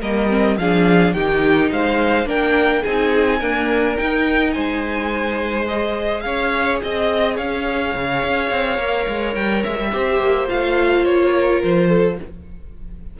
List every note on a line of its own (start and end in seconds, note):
0.00 0.57 G3
0.00 0.29 A#3
0.00 0.57 A#4
0.00 0.58 D#5
0.29 0.58 C4
0.57 1.14 F3
0.57 1.16 D4
0.57 1.14 G#4
0.57 1.13 F5
1.13 1.70 D#3
1.13 2.26 D#4
1.13 1.71 G4
1.13 1.70 G5
1.71 2.25 G#3
1.71 2.28 C5
1.71 2.29 F5
2.25 2.82 A#3
2.25 2.83 D4
2.25 2.82 A#4
2.25 2.84 G5
2.82 3.41 C4
2.82 3.41 D#4
2.82 3.39 G#4
2.82 3.96 G#5
3.39 3.97 A#3
3.39 3.98 D4
3.39 4.52 A#4
3.96 5.66 D#4
3.96 4.56 D#4
3.96 4.52 G5
4.52 6.25 G#3
4.52 6.23 C5
4.52 5.65 G#5
5.66 8.77 G#4
5.66 6.20 D#5
6.20 6.81 C#4
6.20 6.82 C#5
6.20 6.77 F5
6.83 7.38 C4
6.83 7.37 D#5
6.83 7.36 D#5
7.36 7.95 C#4
7.36 9.91 C#5
7.36 9.34 F5
7.95 8.23 C#3
8.23 8.51 C#4
8.51 8.78 C4
8.77 9.06 A#3
8.77 9.90 A#4
9.08 9.35 G#3
9.34 9.64 G3
9.34 9.63 G5
9.63 9.79 G#3
9.63 10.48 E5
9.79 9.93 G3
9.92 10.19 C4
9.92 10.48 G4
9.92 11.34 C5
10.19 10.48 A#3
10.48 11.06 A3
10.48 12.18 F4
10.48 11.05 F5
11.05 11.62 A#3
11.05 11.62 C#5
11.34 11.89 A#4
11.63 12.19 F3
11.63 12.19 C5
11.89 12.17 A4